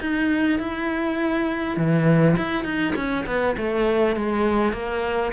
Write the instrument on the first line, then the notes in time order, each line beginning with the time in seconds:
cello
0.00 D#4
0.59 E4
1.76 E3
2.37 E4
2.64 D#4
2.95 C#4
3.26 B3
3.57 A3
4.16 G#3
4.73 A#3